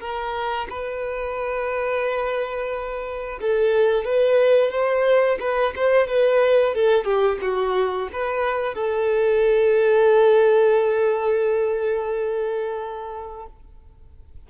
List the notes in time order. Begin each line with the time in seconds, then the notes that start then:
0.00 A#4
0.70 B4
3.41 A4
4.04 B4
4.71 C5
5.40 B4
5.76 C5
6.07 B4
6.74 A4
7.04 G4
7.42 F#4
8.13 B4
8.75 A4